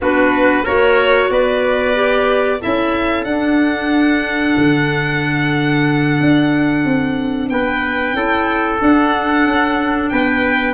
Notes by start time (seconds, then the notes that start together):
0.01 B3 D4 F#4 B4
0.63 A#3 F#4 A#4 C#5
1.30 B3 B4 D5
1.94 G4
2.60 C#4 E4 A4 E5
3.24 D4 F#5
4.57 D3
6.19 D4
6.84 C4
7.49 B3 B4 G5
8.13 C#4 E4 A4
8.79 D4 F#5
9.45 C#4
10.09 B3 B4 G5